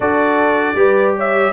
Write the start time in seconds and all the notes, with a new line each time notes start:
0.00 D4 F#4 A4 D5
0.75 G3 G4 B4
1.16 C#5 E5